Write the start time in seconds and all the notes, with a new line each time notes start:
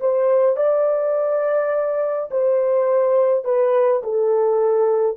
0.00 C5
0.57 D5
2.31 C5
3.45 B4
4.03 A4